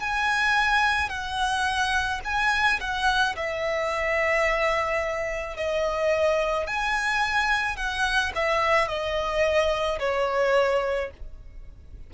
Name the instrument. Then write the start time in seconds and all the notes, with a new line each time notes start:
violin
0.00 G#5
1.09 F#5
2.24 G#5
2.80 F#5
3.36 E5
5.56 D#5
6.67 G#5
7.76 F#5
8.35 E5
8.87 D#5
9.99 C#5